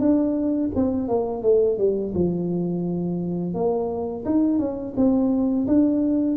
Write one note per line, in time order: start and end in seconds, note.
0.00 0.71 D4
0.76 1.08 C4
1.08 1.43 A#3
1.43 1.78 A3
1.78 2.14 G3
2.15 3.54 F3
3.54 4.25 A#3
4.25 4.59 D#4
4.59 4.94 C#4
4.96 5.67 C4
5.68 6.37 D4